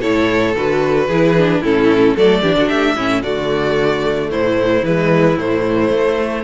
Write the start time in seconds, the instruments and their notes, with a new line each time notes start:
0.00 cello A2, viola E4, violin A4 C#5
0.55 cello D3, viola F#4, violin B4
1.07 cello E3, viola E4, violin G#4
1.38 viola D4
1.61 cello A2, viola C#4, violin E4 A4
2.16 cello F#3, viola A3, violin A4 D5
2.42 cello E3, viola D4, violin G4
2.55 cello D3, violin F#4
2.68 cello A3, violin G4 E5
2.96 cello A2, viola C#4, violin E4
3.22 cello D3, viola A3, violin F#4 D5
4.30 cello A2, violin E4 C5
4.82 cello E3, viola G#3, violin B4
5.37 cello A2, viola A3, violin C5
5.91 cello A3